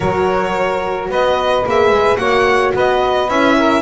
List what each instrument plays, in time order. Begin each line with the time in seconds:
0.00 double bass F#3, horn F#4, saxophone A#4, violin C#5
1.09 double bass B3, saxophone B4, violin D#5
1.65 double bass A#3, horn G#4, violin E5
1.90 double bass G#3
2.16 double bass A#3, horn F#4, saxophone C#5, violin F#5
2.74 double bass B3, saxophone B4, violin D#5
3.28 double bass C#4, horn E4, violin E5
3.57 saxophone A#4